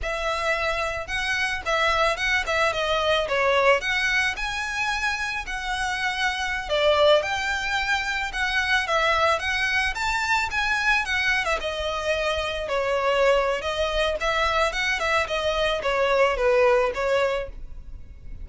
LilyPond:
\new Staff \with { instrumentName = "violin" } { \time 4/4 \tempo 4 = 110 e''2 fis''4 e''4 | fis''8 e''8 dis''4 cis''4 fis''4 | gis''2 fis''2~ | fis''16 d''4 g''2 fis''8.~ |
fis''16 e''4 fis''4 a''4 gis''8.~ | gis''16 fis''8. e''16 dis''2 cis''8.~ | cis''4 dis''4 e''4 fis''8 e''8 | dis''4 cis''4 b'4 cis''4 | }